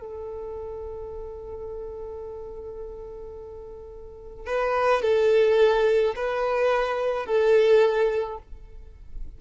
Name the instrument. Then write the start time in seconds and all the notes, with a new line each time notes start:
violin
0.00 A4
4.46 B4
5.02 A4
6.16 B4
7.26 A4